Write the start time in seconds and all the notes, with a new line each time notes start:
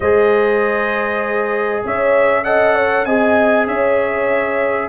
0.00 G#3 G#4 C5 D#5
1.84 C#4 C#5 E5
2.44 A4 D#5 F#5
2.74 C#5
3.05 C4 G#4 D#5 G#5
3.66 C#4 C#5 E5